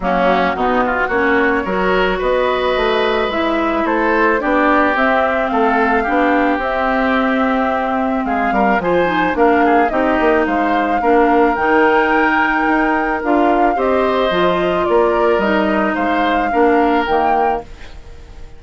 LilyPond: <<
  \new Staff \with { instrumentName = "flute" } { \time 4/4 \tempo 4 = 109 fis'2 cis''2 | dis''2 e''4 c''4 | d''4 e''4 f''2 | e''2. f''4 |
gis''4 f''4 dis''4 f''4~ | f''4 g''2. | f''4 dis''2 d''4 | dis''4 f''2 g''4 | }
  \new Staff \with { instrumentName = "oboe" } { \time 4/4 cis'4 dis'8 f'8 fis'4 ais'4 | b'2. a'4 | g'2 a'4 g'4~ | g'2. gis'8 ais'8 |
c''4 ais'8 gis'8 g'4 c''4 | ais'1~ | ais'4 c''2 ais'4~ | ais'4 c''4 ais'2 | }
  \new Staff \with { instrumentName = "clarinet" } { \time 4/4 ais4 b4 cis'4 fis'4~ | fis'2 e'2 | d'4 c'2 d'4 | c'1 |
f'8 dis'8 d'4 dis'2 | d'4 dis'2. | f'4 g'4 f'2 | dis'2 d'4 ais4 | }
  \new Staff \with { instrumentName = "bassoon" } { \time 4/4 fis4 b,4 ais4 fis4 | b4 a4 gis4 a4 | b4 c'4 a4 b4 | c'2. gis8 g8 |
f4 ais4 c'8 ais8 gis4 | ais4 dis2 dis'4 | d'4 c'4 f4 ais4 | g4 gis4 ais4 dis4 | }
>>